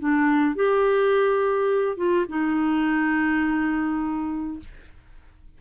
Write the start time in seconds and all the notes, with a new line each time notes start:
0.00 D4
0.56 G4
1.97 F4
2.29 D#4